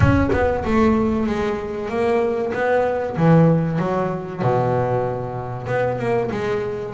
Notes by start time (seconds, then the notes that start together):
0.00 C#4
0.32 B3
0.65 A3
1.26 G#3
1.89 A#3
2.53 B3
3.16 E3
3.78 F#3
4.42 B2
5.67 B3
5.99 A#3
6.31 G#3